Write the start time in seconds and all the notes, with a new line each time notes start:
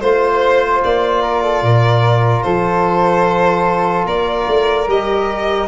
0.00 A3 F4 C5
0.84 A#3 D5
1.22 A#4
1.43 A4
1.62 A#2 A#4
2.43 F3 A4 C5
4.06 A#3 A#4 D5
4.47 A3
4.88 G3 G4 D#5